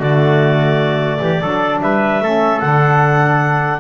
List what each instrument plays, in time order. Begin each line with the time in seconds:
0.00 double bass D3, saxophone A3, trumpet F#4, clarinet D5
1.21 double bass E3, trumpet G4
1.41 double bass F#3, saxophone D4, trumpet A4
1.81 double bass G3, trumpet B4, clarinet E5
2.21 double bass A3, saxophone C#4, trumpet A4
2.60 double bass D3, saxophone D4, clarinet F#5